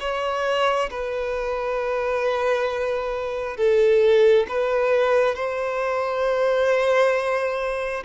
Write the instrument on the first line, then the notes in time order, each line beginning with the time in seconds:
violin
0.00 C#5
0.90 B4
3.57 A4
4.48 B4
5.35 C5